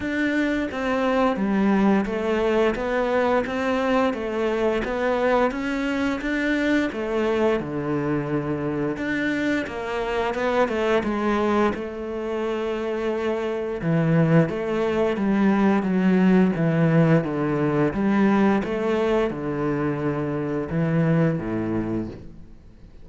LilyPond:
\new Staff \with { instrumentName = "cello" } { \time 4/4 \tempo 4 = 87 d'4 c'4 g4 a4 | b4 c'4 a4 b4 | cis'4 d'4 a4 d4~ | d4 d'4 ais4 b8 a8 |
gis4 a2. | e4 a4 g4 fis4 | e4 d4 g4 a4 | d2 e4 a,4 | }